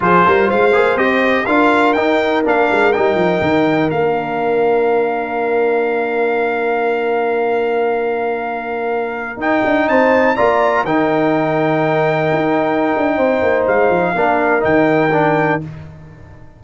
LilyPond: <<
  \new Staff \with { instrumentName = "trumpet" } { \time 4/4 \tempo 4 = 123 c''4 f''4 dis''4 f''4 | g''4 f''4 g''2 | f''1~ | f''1~ |
f''2.~ f''16 g''8.~ | g''16 a''4 ais''4 g''4.~ g''16~ | g''1 | f''2 g''2 | }
  \new Staff \with { instrumentName = "horn" } { \time 4/4 gis'8 ais'8 c''2 ais'4~ | ais'1~ | ais'1~ | ais'1~ |
ais'1~ | ais'16 c''4 d''4 ais'4.~ ais'16~ | ais'2. c''4~ | c''4 ais'2. | }
  \new Staff \with { instrumentName = "trombone" } { \time 4/4 f'4. gis'8 g'4 f'4 | dis'4 d'4 dis'2 | d'1~ | d'1~ |
d'2.~ d'16 dis'8.~ | dis'4~ dis'16 f'4 dis'4.~ dis'16~ | dis'1~ | dis'4 d'4 dis'4 d'4 | }
  \new Staff \with { instrumentName = "tuba" } { \time 4/4 f8 g8 gis8 ais8 c'4 d'4 | dis'4 ais8 gis8 g8 f8 dis4 | ais1~ | ais1~ |
ais2.~ ais16 dis'8 d'16~ | d'16 c'4 ais4 dis4.~ dis16~ | dis4~ dis16 dis'4~ dis'16 d'8 c'8 ais8 | gis8 f8 ais4 dis2 | }
>>